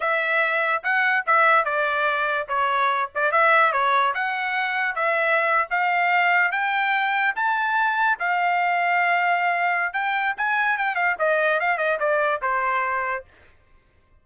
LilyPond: \new Staff \with { instrumentName = "trumpet" } { \time 4/4 \tempo 4 = 145 e''2 fis''4 e''4 | d''2 cis''4. d''8 | e''4 cis''4 fis''2 | e''4.~ e''16 f''2 g''16~ |
g''4.~ g''16 a''2 f''16~ | f''1 | g''4 gis''4 g''8 f''8 dis''4 | f''8 dis''8 d''4 c''2 | }